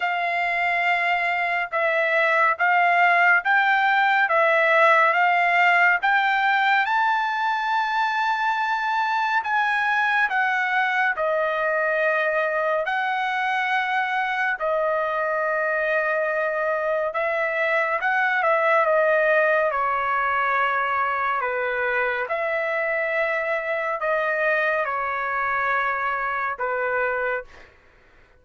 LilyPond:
\new Staff \with { instrumentName = "trumpet" } { \time 4/4 \tempo 4 = 70 f''2 e''4 f''4 | g''4 e''4 f''4 g''4 | a''2. gis''4 | fis''4 dis''2 fis''4~ |
fis''4 dis''2. | e''4 fis''8 e''8 dis''4 cis''4~ | cis''4 b'4 e''2 | dis''4 cis''2 b'4 | }